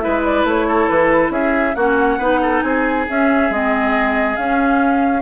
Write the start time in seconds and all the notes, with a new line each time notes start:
0.00 G#3 E4 B4 E5
0.24 D5
0.44 A3 C#5
0.67 A4
0.89 E3 B4
1.30 C#4 G#4 E5
1.75 A#3 C#4 F#4 F#5
2.18 B3 D#4 B4
2.42 A4
2.61 C4 G#4 G#5
3.09 C#4 E5
3.50 G#3 C4 D#5
4.36 C#4 F5